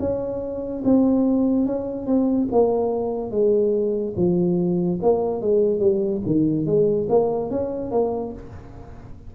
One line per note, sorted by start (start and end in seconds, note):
0.00 0.83 C#4
0.84 1.66 C4
1.66 2.07 C#4
2.07 2.48 C4
2.52 3.31 A#3
3.31 4.14 G#3
4.17 5.00 F3
5.02 5.41 A#3
5.41 5.80 G#3
5.80 6.22 G3
6.27 6.66 D#3
6.66 7.08 G#3
7.09 7.51 A#3
7.51 7.91 C#4
7.91 8.33 A#3